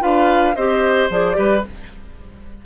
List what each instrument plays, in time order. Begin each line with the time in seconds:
0.00 bassoon D4, clarinet F4, oboe B4, flute F5
0.56 bassoon C4, clarinet G4, oboe C5, flute D#5
1.10 bassoon F3, clarinet G#4, flute D5
1.34 bassoon G3, clarinet G4, oboe B4